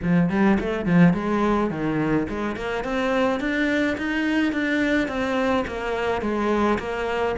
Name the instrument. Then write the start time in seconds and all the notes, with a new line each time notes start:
cello
0.02 F3
0.29 G3
0.60 A3
0.85 F3
1.13 G#3
1.70 D#3
2.28 G#3
2.56 A#3
2.84 C4
3.40 D4
3.97 D#4
4.52 D4
5.08 C4
5.67 A#3
6.21 G#3
6.78 A#3